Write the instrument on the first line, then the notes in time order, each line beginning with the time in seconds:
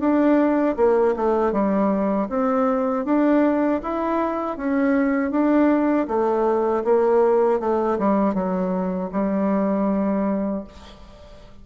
bassoon
0.00 D4
0.77 A#3
1.17 A3
1.52 G3
2.29 C4
3.05 D4
3.83 E4
4.57 C#4
5.31 D4
6.08 A3
6.85 A#3
7.60 A3
7.99 G3
8.34 F#3
9.12 G3